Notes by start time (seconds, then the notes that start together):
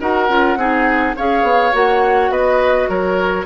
0.00 D#4 F#4 A#4 F#5
0.28 C#4 F4
0.56 C4 D#4 G#4
1.16 C#4 G#4 C#5 F5
1.43 B3
1.72 A#3 F#4 F#5
2.30 B3 B4 D#5
2.89 F#3 A#4 C#5